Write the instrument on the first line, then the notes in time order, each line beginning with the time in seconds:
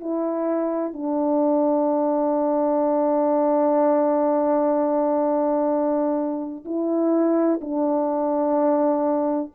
horn
0.00 E4
0.93 D4
6.65 E4
7.61 D4